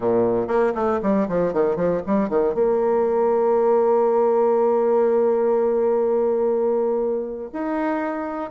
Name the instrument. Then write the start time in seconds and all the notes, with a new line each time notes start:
bassoon
0.00 A#2
0.47 A#3
0.74 A3
1.02 G3
1.28 F3
1.53 D#3
1.75 F3
2.06 G3
2.29 D#3
2.54 A#3
7.53 D#4